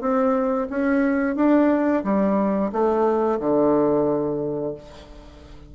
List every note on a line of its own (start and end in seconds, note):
0.00 0.67 C4
0.70 1.35 C#4
1.35 2.03 D4
2.03 2.71 G3
2.72 3.39 A3
3.40 4.74 D3